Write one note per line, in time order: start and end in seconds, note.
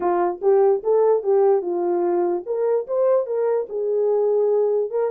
0.00 0.40 F4
0.41 0.82 G4
0.83 1.23 A4
1.23 1.61 G4
1.61 2.43 F4
2.45 2.86 A#4
2.87 3.26 C5
3.26 3.67 A#4
3.69 4.90 G#4
4.90 5.10 A#4